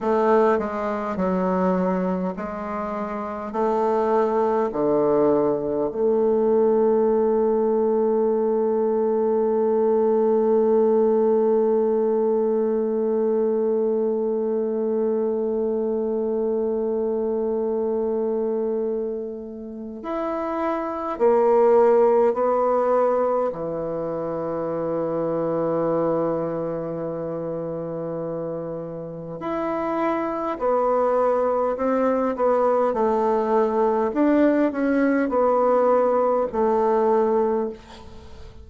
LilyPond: \new Staff \with { instrumentName = "bassoon" } { \time 4/4 \tempo 4 = 51 a8 gis8 fis4 gis4 a4 | d4 a2.~ | a1~ | a1~ |
a4 e'4 ais4 b4 | e1~ | e4 e'4 b4 c'8 b8 | a4 d'8 cis'8 b4 a4 | }